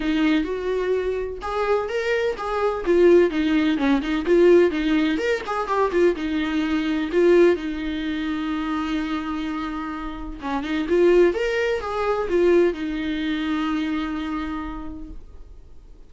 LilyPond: \new Staff \with { instrumentName = "viola" } { \time 4/4 \tempo 4 = 127 dis'4 fis'2 gis'4 | ais'4 gis'4 f'4 dis'4 | cis'8 dis'8 f'4 dis'4 ais'8 gis'8 | g'8 f'8 dis'2 f'4 |
dis'1~ | dis'2 cis'8 dis'8 f'4 | ais'4 gis'4 f'4 dis'4~ | dis'1 | }